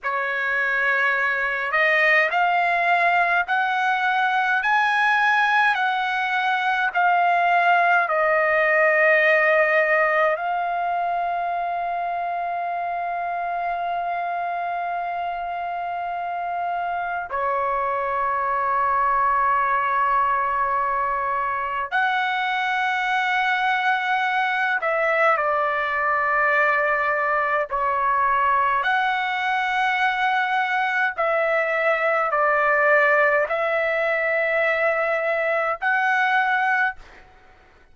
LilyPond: \new Staff \with { instrumentName = "trumpet" } { \time 4/4 \tempo 4 = 52 cis''4. dis''8 f''4 fis''4 | gis''4 fis''4 f''4 dis''4~ | dis''4 f''2.~ | f''2. cis''4~ |
cis''2. fis''4~ | fis''4. e''8 d''2 | cis''4 fis''2 e''4 | d''4 e''2 fis''4 | }